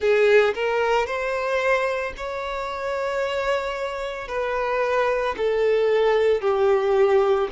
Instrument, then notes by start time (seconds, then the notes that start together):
violin
0.00 G#4
0.54 A#4
1.06 C5
2.16 C#5
4.28 B4
5.37 A4
6.40 G4